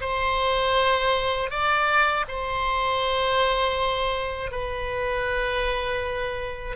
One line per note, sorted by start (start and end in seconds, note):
0.00 1.50 C5
1.50 2.25 D5
2.27 4.51 C5
4.51 6.75 B4